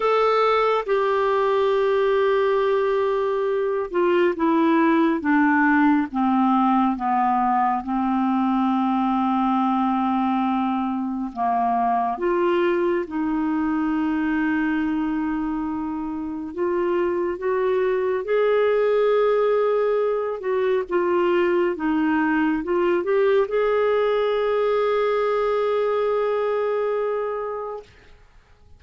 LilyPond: \new Staff \with { instrumentName = "clarinet" } { \time 4/4 \tempo 4 = 69 a'4 g'2.~ | g'8 f'8 e'4 d'4 c'4 | b4 c'2.~ | c'4 ais4 f'4 dis'4~ |
dis'2. f'4 | fis'4 gis'2~ gis'8 fis'8 | f'4 dis'4 f'8 g'8 gis'4~ | gis'1 | }